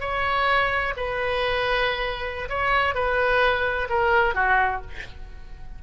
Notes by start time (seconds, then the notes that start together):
0.00 C#5
0.96 B4
2.49 C#5
2.94 B4
3.89 A#4
4.34 F#4